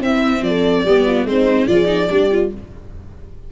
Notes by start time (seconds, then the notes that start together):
0.00 C4 E4 E5
0.41 F3 A4 D5
0.85 G3 B3 G4
1.06 F4
1.24 G#3 C4 D#4 C5
1.67 F3 F4 G#4 D5
1.85 D#4
2.09 G3 D4 G4
2.31 F4